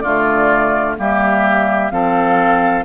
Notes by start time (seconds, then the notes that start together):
0.00 D3 A3 F4 D5
0.97 G3 A#3 G4 E5
1.90 F3 C4 A4 F5